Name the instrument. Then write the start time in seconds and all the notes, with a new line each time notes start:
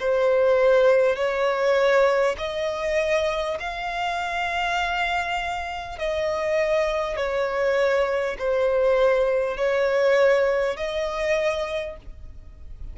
violin
0.00 C5
1.16 C#5
2.37 D#5
3.60 F5
5.98 D#5
7.16 C#5
8.38 C5
9.57 C#5
10.77 D#5